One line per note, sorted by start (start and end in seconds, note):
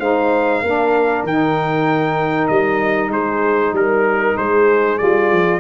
0.00 0.63 G#3
0.00 0.64 D#4
0.00 0.62 C5
0.00 1.25 F5
0.62 1.24 A#3
0.62 1.29 D4
0.62 3.12 A#4
1.24 2.49 D#3
1.24 4.98 D#4
1.24 2.48 G5
2.48 3.09 G3
2.48 3.10 D#5
3.09 3.72 G#3
3.09 3.74 G#4
3.09 3.75 C5
3.73 4.35 G3
3.73 4.38 A#4
3.73 4.37 A#4
4.37 5.00 G#3
4.37 5.60 G#4
4.37 4.98 C5
4.98 5.32 G3
4.98 5.60 F4
4.98 5.60 D5
5.32 5.60 F3